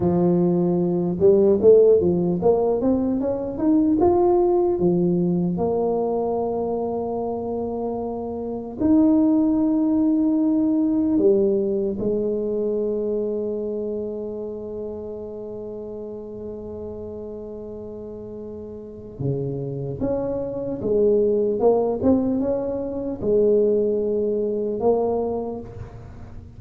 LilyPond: \new Staff \with { instrumentName = "tuba" } { \time 4/4 \tempo 4 = 75 f4. g8 a8 f8 ais8 c'8 | cis'8 dis'8 f'4 f4 ais4~ | ais2. dis'4~ | dis'2 g4 gis4~ |
gis1~ | gis1 | cis4 cis'4 gis4 ais8 c'8 | cis'4 gis2 ais4 | }